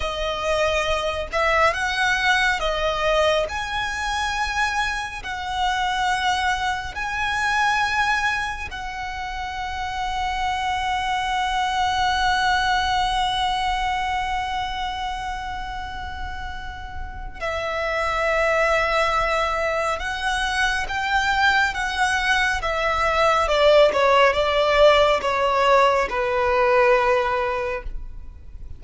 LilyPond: \new Staff \with { instrumentName = "violin" } { \time 4/4 \tempo 4 = 69 dis''4. e''8 fis''4 dis''4 | gis''2 fis''2 | gis''2 fis''2~ | fis''1~ |
fis''1 | e''2. fis''4 | g''4 fis''4 e''4 d''8 cis''8 | d''4 cis''4 b'2 | }